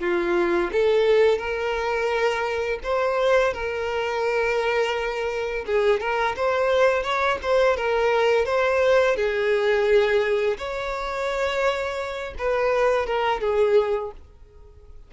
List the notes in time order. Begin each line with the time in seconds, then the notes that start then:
0.00 F4
0.73 A4
1.38 A#4
2.84 C5
3.54 A#4
5.66 G#4
6.00 A#4
6.36 C5
7.03 C#5
7.42 C5
7.77 A#4
8.46 C5
9.16 G#4
10.58 C#5
12.39 B4
13.07 A#4
13.41 G#4